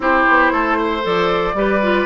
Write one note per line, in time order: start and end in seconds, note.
0.00 0.25 C4
0.00 1.01 E4
0.00 0.52 G4
0.00 1.06 C5
0.29 0.52 B3
0.52 1.03 A3
0.52 0.77 A4
0.77 1.55 C5
1.02 1.54 F3
1.02 1.54 A4
1.02 2.06 D5
1.54 2.05 G3
1.54 1.80 G4
1.54 2.06 B4
1.82 2.06 F4